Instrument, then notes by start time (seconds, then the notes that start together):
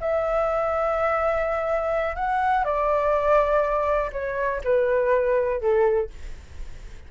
flute
0.00 E5
2.15 F#5
2.64 D5
4.12 C#5
4.64 B4
5.61 A4